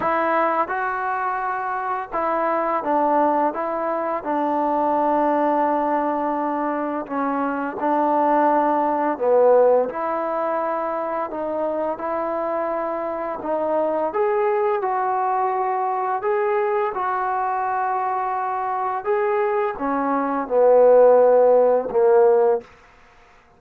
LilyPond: \new Staff \with { instrumentName = "trombone" } { \time 4/4 \tempo 4 = 85 e'4 fis'2 e'4 | d'4 e'4 d'2~ | d'2 cis'4 d'4~ | d'4 b4 e'2 |
dis'4 e'2 dis'4 | gis'4 fis'2 gis'4 | fis'2. gis'4 | cis'4 b2 ais4 | }